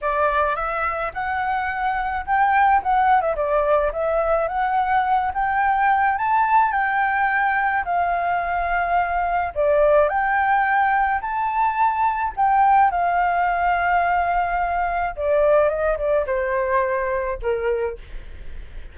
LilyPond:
\new Staff \with { instrumentName = "flute" } { \time 4/4 \tempo 4 = 107 d''4 e''4 fis''2 | g''4 fis''8. e''16 d''4 e''4 | fis''4. g''4. a''4 | g''2 f''2~ |
f''4 d''4 g''2 | a''2 g''4 f''4~ | f''2. d''4 | dis''8 d''8 c''2 ais'4 | }